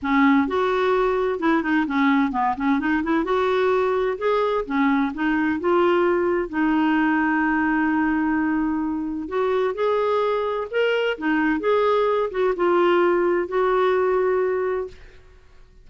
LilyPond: \new Staff \with { instrumentName = "clarinet" } { \time 4/4 \tempo 4 = 129 cis'4 fis'2 e'8 dis'8 | cis'4 b8 cis'8 dis'8 e'8 fis'4~ | fis'4 gis'4 cis'4 dis'4 | f'2 dis'2~ |
dis'1 | fis'4 gis'2 ais'4 | dis'4 gis'4. fis'8 f'4~ | f'4 fis'2. | }